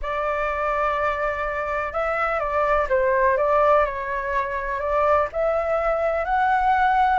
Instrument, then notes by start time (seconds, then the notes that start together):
flute
0.01 D5
1.92 E5
2.39 D5
2.89 C5
3.37 D5
3.85 C#5
4.80 D5
5.32 E5
6.24 F#5